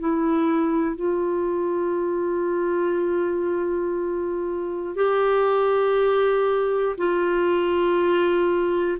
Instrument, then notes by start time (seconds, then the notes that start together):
clarinet
0.00 E4
0.96 F4
4.96 G4
6.98 F4